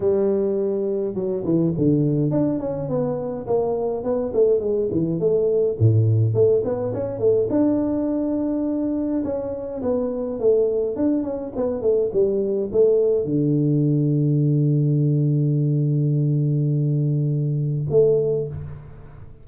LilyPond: \new Staff \with { instrumentName = "tuba" } { \time 4/4 \tempo 4 = 104 g2 fis8 e8 d4 | d'8 cis'8 b4 ais4 b8 a8 | gis8 e8 a4 a,4 a8 b8 | cis'8 a8 d'2. |
cis'4 b4 a4 d'8 cis'8 | b8 a8 g4 a4 d4~ | d1~ | d2. a4 | }